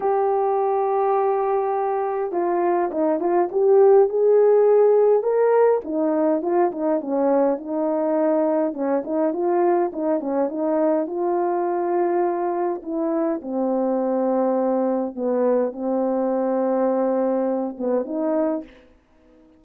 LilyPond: \new Staff \with { instrumentName = "horn" } { \time 4/4 \tempo 4 = 103 g'1 | f'4 dis'8 f'8 g'4 gis'4~ | gis'4 ais'4 dis'4 f'8 dis'8 | cis'4 dis'2 cis'8 dis'8 |
f'4 dis'8 cis'8 dis'4 f'4~ | f'2 e'4 c'4~ | c'2 b4 c'4~ | c'2~ c'8 b8 dis'4 | }